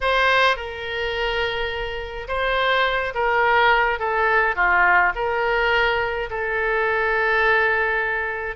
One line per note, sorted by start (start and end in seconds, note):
0.01 0.56 C5
0.56 2.27 A#4
2.28 3.13 C5
3.14 3.99 A#4
3.99 4.55 A4
4.55 5.12 F4
5.15 6.29 A#4
6.30 8.56 A4